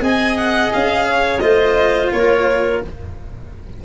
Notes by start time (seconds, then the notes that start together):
0.00 C4 G#4 D#5 G#5
0.37 F#5
0.73 C#4 F5
1.08 C#5
1.39 A3 F4 C5 D#5
2.12 A#3 A#4 C#5